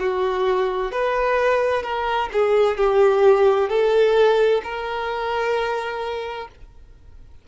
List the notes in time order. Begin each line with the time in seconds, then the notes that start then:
0.00 F#4
0.92 B4
1.83 A#4
2.33 G#4
2.78 G4
3.70 A4
4.64 A#4